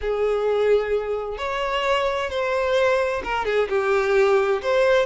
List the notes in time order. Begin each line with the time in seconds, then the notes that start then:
0.01 G#4
1.37 C#5
2.30 C5
3.23 A#4
3.45 G#4
3.69 G4
4.62 C5